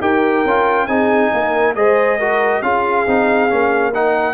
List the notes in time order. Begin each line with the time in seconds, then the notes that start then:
0.00 D#4 G4 A#4 G5
0.44 C#4 F4
0.86 C4 D#4 G#4 G#5
1.32 A#3 A#4
1.75 G#3 G#4 C5 D#5
2.18 F#4 A#4
2.62 C#4 F4 G#4 F5
3.07 C4 D#4
3.49 A#3 C#4
3.93 D#4 A#4 F#5